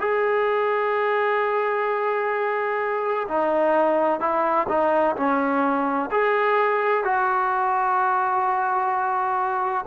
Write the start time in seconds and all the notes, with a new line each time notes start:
0.00 G#4
3.29 D#4
4.21 E4
4.69 D#4
5.16 C#4
6.12 G#4
7.05 F#4